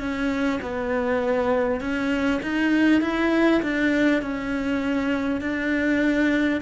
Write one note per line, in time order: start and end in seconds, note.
0.00 0.60 C#4
0.62 1.81 B3
1.81 2.41 C#4
2.43 3.02 D#4
3.02 3.62 E4
3.63 4.22 D4
4.22 5.42 C#4
5.42 6.62 D4